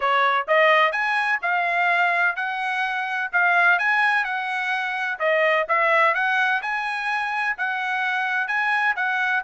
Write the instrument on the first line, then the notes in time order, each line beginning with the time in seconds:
trumpet
0.00 C#5
0.47 D#5
0.92 G#5
1.42 F5
2.36 F#5
3.32 F5
3.78 G#5
4.24 F#5
5.19 D#5
5.68 E5
6.14 F#5
6.62 G#5
7.57 F#5
8.47 G#5
8.95 F#5